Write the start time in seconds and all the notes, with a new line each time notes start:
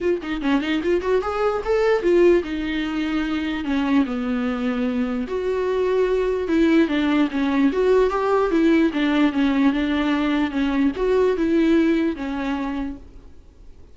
0.00 F4
0.22 D#4
0.41 C#4
0.61 D#4
0.83 F4
1.01 F#4
1.21 G#4
1.65 A4
2.02 F4
2.43 D#4
3.64 C#4
4.05 B3
5.27 F#4
6.48 E4
6.88 D4
7.30 C#4
7.72 F#4
8.10 G4
8.50 E4
8.93 D4
9.32 C#4
9.72 D4
10.51 C#4
10.96 F#4
11.36 E4
12.15 C#4